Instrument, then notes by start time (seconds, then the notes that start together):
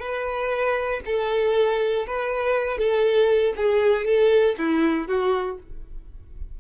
violin
0.00 B4
1.06 A4
2.07 B4
2.78 A4
3.57 G#4
4.05 A4
4.58 E4
5.08 F#4